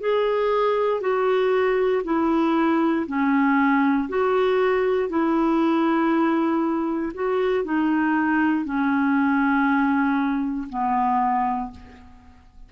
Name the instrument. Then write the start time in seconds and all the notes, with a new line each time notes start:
clarinet
0.00 G#4
1.01 F#4
2.04 E4
3.07 C#4
4.09 F#4
5.09 E4
7.14 F#4
7.65 D#4
8.65 C#4
10.69 B3